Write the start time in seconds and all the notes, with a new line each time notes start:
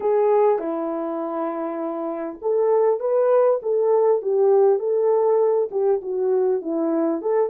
0.00 G#4
0.58 E4
2.41 A4
2.99 B4
3.62 A4
4.21 G4
4.79 A4
5.71 G4
6.01 F#4
6.61 E4
7.21 A4